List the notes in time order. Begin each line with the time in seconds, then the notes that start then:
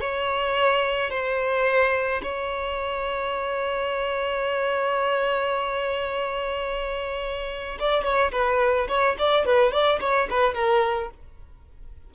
0.00 C#5
1.10 C5
2.22 C#5
7.79 D5
8.04 C#5
8.32 B4
8.88 C#5
9.19 D5
9.45 B4
9.72 D5
10.00 C#5
10.30 B4
10.54 A#4